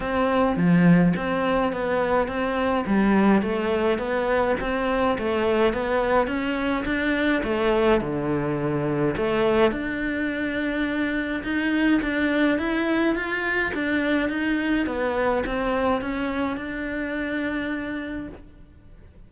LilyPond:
\new Staff \with { instrumentName = "cello" } { \time 4/4 \tempo 4 = 105 c'4 f4 c'4 b4 | c'4 g4 a4 b4 | c'4 a4 b4 cis'4 | d'4 a4 d2 |
a4 d'2. | dis'4 d'4 e'4 f'4 | d'4 dis'4 b4 c'4 | cis'4 d'2. | }